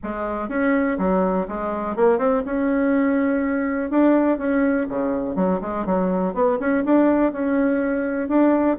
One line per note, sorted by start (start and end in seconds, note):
0.03 0.49 G#3
0.49 0.97 C#4
0.98 1.47 F#3
1.48 1.96 G#3
1.96 2.18 A#3
2.18 2.43 C4
2.45 3.90 C#4
3.90 4.37 D4
4.37 4.86 C#4
4.88 5.35 C#3
5.35 5.60 F#3
5.61 5.85 G#3
5.85 6.33 F#3
6.33 6.58 B3
6.59 6.83 C#4
6.84 7.32 D4
7.32 8.28 C#4
8.28 8.77 D4